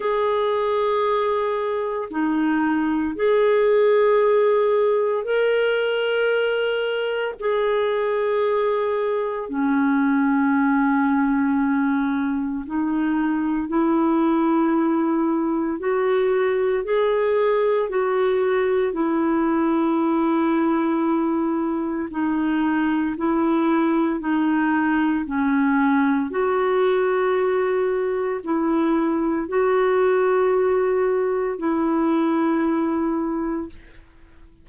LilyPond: \new Staff \with { instrumentName = "clarinet" } { \time 4/4 \tempo 4 = 57 gis'2 dis'4 gis'4~ | gis'4 ais'2 gis'4~ | gis'4 cis'2. | dis'4 e'2 fis'4 |
gis'4 fis'4 e'2~ | e'4 dis'4 e'4 dis'4 | cis'4 fis'2 e'4 | fis'2 e'2 | }